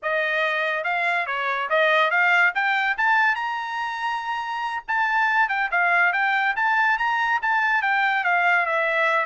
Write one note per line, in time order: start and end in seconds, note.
0.02 0.84 D#5
0.84 1.26 F5
1.26 1.68 C#5
1.69 2.10 D#5
2.10 2.52 F5
2.54 2.97 G5
2.97 3.35 A5
3.35 4.83 A#5
4.87 5.48 A5
5.48 5.69 G5
5.71 6.12 F5
6.12 6.55 G5
6.56 6.97 A5
6.97 7.40 A#5
7.42 7.81 A5
7.81 8.24 G5
8.24 8.66 F5
8.66 9.25 E5